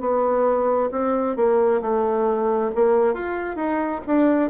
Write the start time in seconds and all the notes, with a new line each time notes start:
0.00 B3
0.91 C4
1.36 A#3
1.81 A3
2.74 A#3
3.13 F4
3.55 D#4
4.06 D4